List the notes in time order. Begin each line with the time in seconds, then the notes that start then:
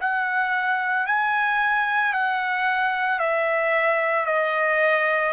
0.00 F#5
1.06 G#5
2.13 F#5
3.19 E5
4.25 D#5